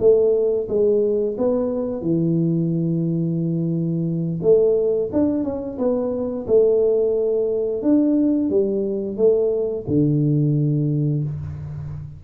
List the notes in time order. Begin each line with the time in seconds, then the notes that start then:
0.00 A3
0.69 G#3
1.38 B3
2.02 E3
4.42 A3
5.13 D4
5.44 C#4
5.78 B3
6.47 A3
7.83 D4
8.50 G3
9.17 A3
9.87 D3